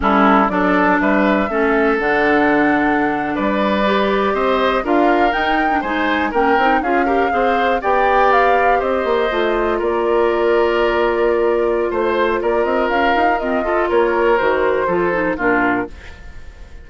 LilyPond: <<
  \new Staff \with { instrumentName = "flute" } { \time 4/4 \tempo 4 = 121 a'4 d''4 e''2 | fis''2~ fis''8. d''4~ d''16~ | d''8. dis''4 f''4 g''4 gis''16~ | gis''8. g''4 f''2 g''16~ |
g''8. f''4 dis''2 d''16~ | d''1 | c''4 d''8 dis''8 f''4 dis''4 | cis''4 c''2 ais'4 | }
  \new Staff \with { instrumentName = "oboe" } { \time 4/4 e'4 a'4 b'4 a'4~ | a'2~ a'8. b'4~ b'16~ | b'8. c''4 ais'2 c''16~ | c''8. ais'4 gis'8 ais'8 c''4 d''16~ |
d''4.~ d''16 c''2 ais'16~ | ais'1 | c''4 ais'2~ ais'8 a'8 | ais'2 a'4 f'4 | }
  \new Staff \with { instrumentName = "clarinet" } { \time 4/4 cis'4 d'2 cis'4 | d'2.~ d'8. g'16~ | g'4.~ g'16 f'4 dis'8. d'16 dis'16~ | dis'8. cis'8 dis'8 f'8 g'8 gis'4 g'16~ |
g'2~ g'8. f'4~ f'16~ | f'1~ | f'2. c'8 f'8~ | f'4 fis'4 f'8 dis'8 d'4 | }
  \new Staff \with { instrumentName = "bassoon" } { \time 4/4 g4 fis4 g4 a4 | d2~ d8. g4~ g16~ | g8. c'4 d'4 dis'4 gis16~ | gis8. ais8 c'8 cis'4 c'4 b16~ |
b4.~ b16 c'8 ais8 a4 ais16~ | ais1 | a4 ais8 c'8 cis'8 dis'8 f'4 | ais4 dis4 f4 ais,4 | }
>>